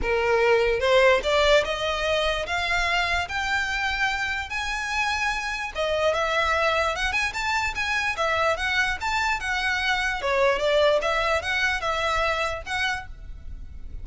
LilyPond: \new Staff \with { instrumentName = "violin" } { \time 4/4 \tempo 4 = 147 ais'2 c''4 d''4 | dis''2 f''2 | g''2. gis''4~ | gis''2 dis''4 e''4~ |
e''4 fis''8 gis''8 a''4 gis''4 | e''4 fis''4 a''4 fis''4~ | fis''4 cis''4 d''4 e''4 | fis''4 e''2 fis''4 | }